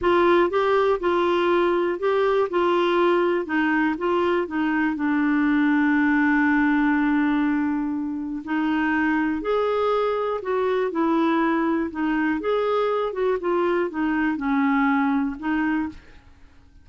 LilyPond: \new Staff \with { instrumentName = "clarinet" } { \time 4/4 \tempo 4 = 121 f'4 g'4 f'2 | g'4 f'2 dis'4 | f'4 dis'4 d'2~ | d'1~ |
d'4 dis'2 gis'4~ | gis'4 fis'4 e'2 | dis'4 gis'4. fis'8 f'4 | dis'4 cis'2 dis'4 | }